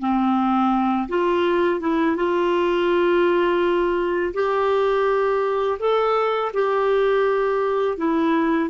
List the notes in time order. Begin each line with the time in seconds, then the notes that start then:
0.00 C4
1.09 F4
1.80 E4
2.17 F4
4.34 G4
5.79 A4
6.54 G4
7.97 E4